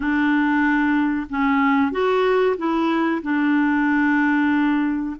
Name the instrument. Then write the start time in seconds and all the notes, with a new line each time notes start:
clarinet
0.00 D4
1.29 C#4
1.91 F#4
2.57 E4
3.22 D4